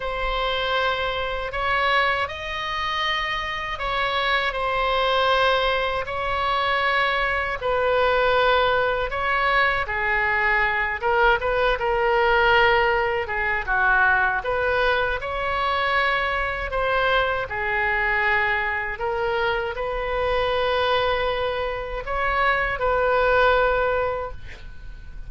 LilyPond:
\new Staff \with { instrumentName = "oboe" } { \time 4/4 \tempo 4 = 79 c''2 cis''4 dis''4~ | dis''4 cis''4 c''2 | cis''2 b'2 | cis''4 gis'4. ais'8 b'8 ais'8~ |
ais'4. gis'8 fis'4 b'4 | cis''2 c''4 gis'4~ | gis'4 ais'4 b'2~ | b'4 cis''4 b'2 | }